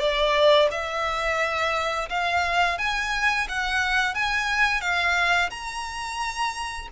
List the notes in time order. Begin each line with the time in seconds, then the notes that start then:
0.00 D5
0.71 E5
2.10 F5
2.79 G#5
3.49 F#5
4.15 G#5
4.82 F5
5.51 A#5